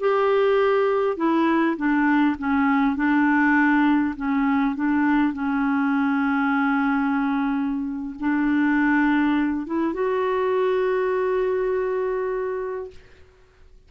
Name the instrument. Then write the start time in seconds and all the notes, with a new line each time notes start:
clarinet
0.00 G4
1.17 E4
1.77 D4
2.38 C#4
2.96 D4
4.16 C#4
4.76 D4
5.33 C#4
8.20 D4
9.66 E4
9.93 F#4